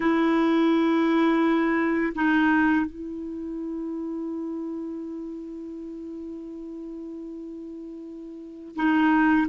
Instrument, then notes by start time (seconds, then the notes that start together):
clarinet
0.00 E4
2.15 D#4
2.86 E4
8.75 D#4